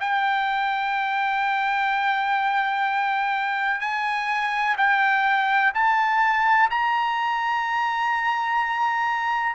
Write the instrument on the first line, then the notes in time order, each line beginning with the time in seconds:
trumpet
0.00 G5
3.81 G#5
4.77 G5
5.74 A5
6.70 A#5